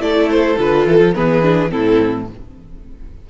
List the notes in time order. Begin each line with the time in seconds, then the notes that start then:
0.00 A3 E4 A4 D5
0.31 C5
0.58 D3 F4 B4
0.86 E3 A4
1.00 F3
1.15 E3 B3 G#4 B4
1.43 D4
1.69 A2 C4 E4 A4